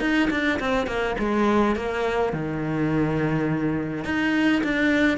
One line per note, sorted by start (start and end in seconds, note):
0.00 0.29 D#4
0.30 0.59 D4
0.59 0.87 C4
0.87 1.15 A#3
1.19 1.76 G#3
1.76 2.33 A#3
2.33 4.04 D#3
4.04 4.62 D#4
4.63 5.18 D4